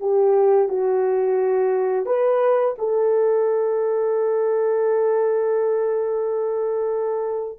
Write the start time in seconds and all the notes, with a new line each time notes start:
0.00 G4
0.69 F#4
2.06 B4
2.78 A4